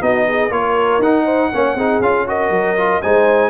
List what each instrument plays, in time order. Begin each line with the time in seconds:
0.00 tuba B3, trombone D#4, horn F#4, trumpet D#5
0.28 horn G#4
0.50 tuba A#3, trombone F4, horn A#4, trumpet C#5
0.98 tuba D#4, trombone D#4, trumpet F#5
1.24 horn C5
1.53 tuba A#3, trombone C#4, horn C#5
1.75 tuba C4, trombone D#4, horn G#4
2.00 tuba C#4, trombone F4, trumpet F5
2.27 trombone F#4, horn A#4, trumpet D#5
2.49 tuba F#3
2.77 trombone F4
3.02 tuba G#3, trombone D#4, horn C5, trumpet G#5